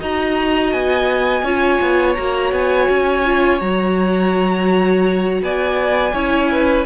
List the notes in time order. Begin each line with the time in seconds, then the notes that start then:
0.00 D#4 F#4 D#5 A#5
0.73 B3 G#5
1.43 C#4 F4 C#5
1.81 B3
2.15 A#3 F#4 A#5
2.52 B3 G#5
2.89 C#4
3.26 F4
3.60 F#3 F#4 A#5
5.42 B3 D5 G#5
6.13 C#4 E4 C#5
6.51 B4